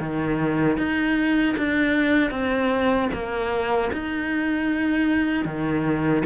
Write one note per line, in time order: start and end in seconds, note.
0.00 0.78 D#3
0.78 1.55 D#4
1.58 2.31 D4
2.31 3.09 C4
3.13 3.91 A#3
3.93 5.45 D#4
5.45 6.23 D#3